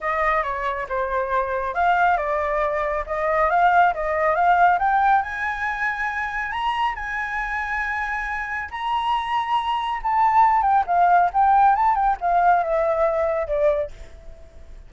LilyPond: \new Staff \with { instrumentName = "flute" } { \time 4/4 \tempo 4 = 138 dis''4 cis''4 c''2 | f''4 d''2 dis''4 | f''4 dis''4 f''4 g''4 | gis''2. ais''4 |
gis''1 | ais''2. a''4~ | a''8 g''8 f''4 g''4 a''8 g''8 | f''4 e''2 d''4 | }